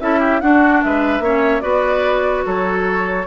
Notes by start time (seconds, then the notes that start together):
0.00 C#4 E4 A4 E5
0.19 G4
0.40 D4 F#4 F#5
0.82 G#3 B4 E5
1.19 A#3 C#4 C#5
1.60 B3 F#4 B4 D5
2.45 F#3 A4 C#5